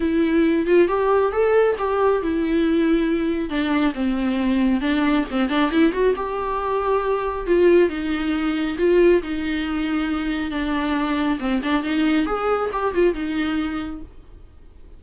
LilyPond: \new Staff \with { instrumentName = "viola" } { \time 4/4 \tempo 4 = 137 e'4. f'8 g'4 a'4 | g'4 e'2. | d'4 c'2 d'4 | c'8 d'8 e'8 fis'8 g'2~ |
g'4 f'4 dis'2 | f'4 dis'2. | d'2 c'8 d'8 dis'4 | gis'4 g'8 f'8 dis'2 | }